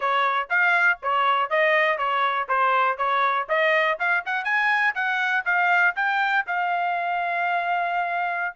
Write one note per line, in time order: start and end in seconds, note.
0.00 0.48 C#5
0.49 0.99 F5
1.02 1.49 C#5
1.49 1.97 D#5
1.97 2.47 C#5
2.48 2.97 C5
2.97 3.47 C#5
3.48 3.98 D#5
3.99 4.24 F5
4.25 4.44 F#5
4.44 4.94 G#5
4.95 5.44 F#5
5.45 5.95 F5
5.95 6.45 G5
6.47 8.55 F5